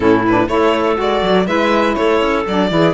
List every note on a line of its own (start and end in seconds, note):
0.00 0.48 A2
0.00 0.25 C#4
0.00 0.47 E4
0.00 0.23 A4
0.26 0.47 D4
0.26 0.48 B4
0.47 0.97 A3
0.47 0.96 E4
0.47 1.47 A4
0.47 0.97 C#5
0.96 1.22 G#3
0.96 1.45 F#4
0.96 1.46 D5
1.22 1.47 F#3
1.45 1.96 G#3
1.45 2.44 E4
1.45 1.96 B4
1.45 1.95 E5
1.95 2.21 A3
1.95 2.70 A4
1.95 2.44 C#5
2.21 2.45 C#4
2.47 2.71 F#3
2.47 2.69 D4
2.47 2.94 D5
2.69 2.94 E3
2.69 2.94 E4
2.69 2.94 G#4